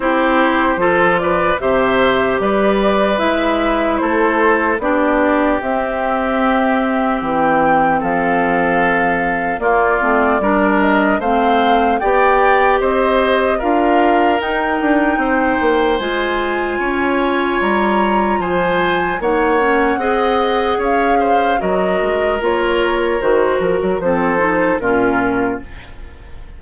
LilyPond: <<
  \new Staff \with { instrumentName = "flute" } { \time 4/4 \tempo 4 = 75 c''4. d''8 e''4 d''4 | e''4 c''4 d''4 e''4~ | e''4 g''4 f''2 | d''4. dis''8 f''4 g''4 |
dis''4 f''4 g''2 | gis''2 ais''4 gis''4 | fis''2 f''4 dis''4 | cis''4 c''8 ais'8 c''4 ais'4 | }
  \new Staff \with { instrumentName = "oboe" } { \time 4/4 g'4 a'8 b'8 c''4 b'4~ | b'4 a'4 g'2~ | g'2 a'2 | f'4 ais'4 c''4 d''4 |
c''4 ais'2 c''4~ | c''4 cis''2 c''4 | cis''4 dis''4 cis''8 c''8 ais'4~ | ais'2 a'4 f'4 | }
  \new Staff \with { instrumentName = "clarinet" } { \time 4/4 e'4 f'4 g'2 | e'2 d'4 c'4~ | c'1 | ais8 c'8 d'4 c'4 g'4~ |
g'4 f'4 dis'2 | f'1 | dis'8 cis'8 gis'2 fis'4 | f'4 fis'4 c'8 dis'8 cis'4 | }
  \new Staff \with { instrumentName = "bassoon" } { \time 4/4 c'4 f4 c4 g4 | gis4 a4 b4 c'4~ | c'4 e4 f2 | ais8 a8 g4 a4 b4 |
c'4 d'4 dis'8 d'8 c'8 ais8 | gis4 cis'4 g4 f4 | ais4 c'4 cis'4 fis8 gis8 | ais4 dis8 f16 fis16 f4 ais,4 | }
>>